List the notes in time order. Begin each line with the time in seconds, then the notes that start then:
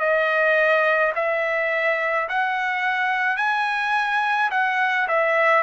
0.00 D#5
1.16 E5
2.29 F#5
3.37 G#5
4.51 F#5
5.09 E5